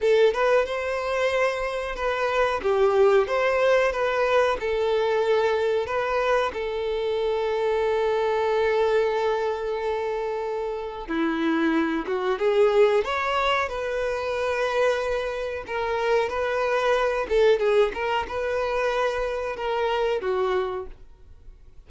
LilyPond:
\new Staff \with { instrumentName = "violin" } { \time 4/4 \tempo 4 = 92 a'8 b'8 c''2 b'4 | g'4 c''4 b'4 a'4~ | a'4 b'4 a'2~ | a'1~ |
a'4 e'4. fis'8 gis'4 | cis''4 b'2. | ais'4 b'4. a'8 gis'8 ais'8 | b'2 ais'4 fis'4 | }